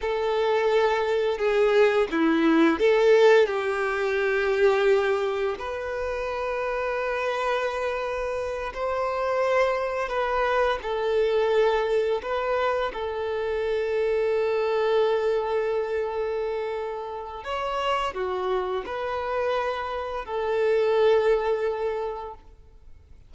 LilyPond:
\new Staff \with { instrumentName = "violin" } { \time 4/4 \tempo 4 = 86 a'2 gis'4 e'4 | a'4 g'2. | b'1~ | b'8 c''2 b'4 a'8~ |
a'4. b'4 a'4.~ | a'1~ | a'4 cis''4 fis'4 b'4~ | b'4 a'2. | }